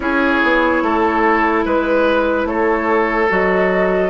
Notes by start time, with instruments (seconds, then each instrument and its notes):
0.00 bassoon C#4, clarinet E4, oboe G#4, flute C#5
0.43 bassoon B3
0.82 bassoon A3, oboe A4
1.65 bassoon G#3, oboe B4, flute B4
2.45 bassoon A3, oboe A4, flute C#5
3.28 bassoon F#3, clarinet F#4, flute D#5